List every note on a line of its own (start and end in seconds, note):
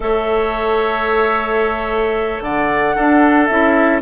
0.00 2.39 A3
0.00 2.93 A4
0.00 2.43 C#5
0.00 2.42 E5
2.40 2.94 D3
2.40 2.95 D5
2.40 3.46 F#5
2.94 3.48 D4
2.94 3.49 D4
2.94 4.01 A4
3.46 4.01 C#4
3.46 4.01 E4
3.46 3.99 E5